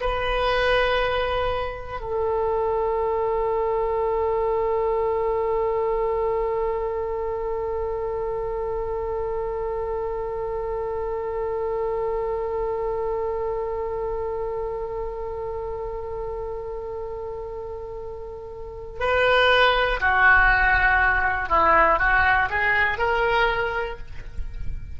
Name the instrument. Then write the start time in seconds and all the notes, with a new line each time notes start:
oboe
0.00 B4
2.00 A4
19.00 B4
20.00 F#4
21.49 E4
21.99 F#4
22.49 G#4
22.98 A#4